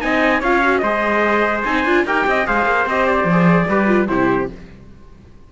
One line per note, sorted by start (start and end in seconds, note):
0.00 0.42 C4
0.00 0.41 D#4
0.00 0.40 D#5
0.00 0.42 G#5
0.40 0.82 C#4
0.40 0.62 F4
0.40 0.81 C#5
0.40 0.79 F5
0.62 0.83 F#4
0.79 1.64 G#3
0.79 1.66 G#4
0.79 2.05 C5
0.79 1.60 D#5
1.65 1.85 C4
1.65 1.86 D#4
1.65 2.05 G#5
1.85 2.05 D4
1.85 2.07 F4
2.05 2.26 D#4
2.05 2.46 G4
2.05 2.27 A#4
2.05 2.47 G5
2.27 2.48 C4
2.27 2.48 D#5
2.46 2.65 G#3
2.46 2.86 G#4
2.46 3.69 C5
2.46 2.88 F5
2.65 2.86 A#3
2.86 3.24 C4
2.86 3.31 G4
2.86 3.07 D#5
3.07 4.08 D5
3.24 3.65 F3
3.31 3.70 G#4
3.69 4.08 G3
3.69 3.87 G4
3.69 4.10 B4
3.87 4.07 F4
4.08 4.49 C3
4.08 4.49 E4
4.08 4.52 G4
4.08 4.49 C5